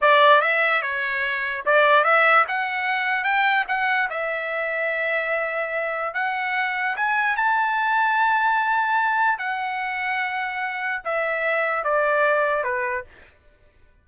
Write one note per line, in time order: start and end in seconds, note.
0.01 0.41 D5
0.41 0.82 E5
0.82 1.63 C#5
1.65 2.03 D5
2.03 2.44 E5
2.48 3.24 F#5
3.24 3.64 G5
3.67 4.08 F#5
4.10 6.14 E5
6.14 6.95 F#5
6.96 7.36 G#5
7.36 9.38 A5
9.38 11.01 F#5
11.04 11.84 E5
11.84 12.63 D5
12.63 13.04 B4